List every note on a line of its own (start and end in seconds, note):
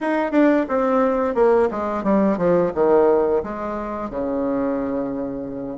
0.01 0.31 D#4
0.31 0.65 D4
0.68 1.35 C4
1.35 1.69 A#3
1.70 2.03 G#3
2.03 2.37 G3
2.37 2.71 F3
2.74 3.42 D#3
3.43 4.09 G#3
4.09 5.78 C#3